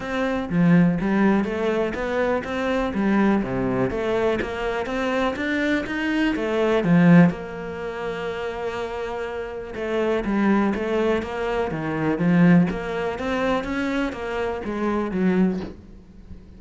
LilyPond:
\new Staff \with { instrumentName = "cello" } { \time 4/4 \tempo 4 = 123 c'4 f4 g4 a4 | b4 c'4 g4 c4 | a4 ais4 c'4 d'4 | dis'4 a4 f4 ais4~ |
ais1 | a4 g4 a4 ais4 | dis4 f4 ais4 c'4 | cis'4 ais4 gis4 fis4 | }